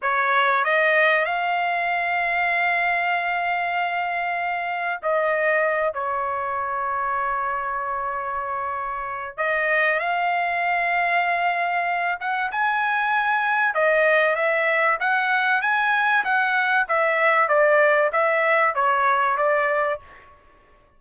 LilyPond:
\new Staff \with { instrumentName = "trumpet" } { \time 4/4 \tempo 4 = 96 cis''4 dis''4 f''2~ | f''1 | dis''4. cis''2~ cis''8~ | cis''2. dis''4 |
f''2.~ f''8 fis''8 | gis''2 dis''4 e''4 | fis''4 gis''4 fis''4 e''4 | d''4 e''4 cis''4 d''4 | }